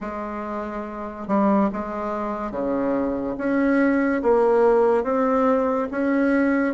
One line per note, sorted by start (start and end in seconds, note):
0.00 1.27 G#3
1.27 1.69 G3
1.72 2.51 G#3
2.51 3.35 C#3
3.37 4.22 C#4
4.22 5.03 A#3
5.03 5.88 C4
5.91 6.74 C#4